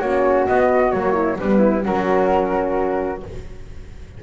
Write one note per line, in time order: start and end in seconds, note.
0.00 0.47 A#3
0.00 0.49 C#4
0.00 1.13 F#4
0.00 0.46 C#5
0.47 0.92 B3
0.47 0.94 B3
0.47 0.92 D#5
0.92 1.39 F#3
0.92 1.38 A#3
0.92 1.37 C#5
1.13 1.36 E4
1.39 1.86 G3
1.39 1.82 B3
1.39 1.59 D4
1.39 1.85 B4
1.59 1.82 E4
1.82 3.23 F#3
1.82 3.20 C#4
1.82 3.21 F#4
1.82 3.23 A#4